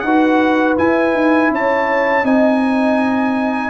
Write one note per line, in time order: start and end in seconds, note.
0.00 0.78 D#4
0.00 1.53 B4
0.00 0.74 F#5
0.07 0.77 F#4
0.77 2.24 E4
0.77 1.14 E4
0.77 1.52 G#5
1.14 1.51 D#4
1.51 2.24 C#4
1.51 2.25 C#5
1.51 2.26 A5
2.24 3.70 C4
2.24 3.70 D#4
2.24 3.70 D#5
2.24 3.70 G#5